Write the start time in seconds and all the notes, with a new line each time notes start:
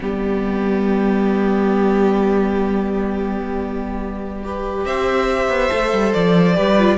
0.00 G3 B3 G4 D5
4.43 G4 B4
4.85 C4 C5 E5
5.49 B3
5.70 A3 A4
5.92 G3
6.13 F3 D5
6.54 G3 G4 B4
6.78 F4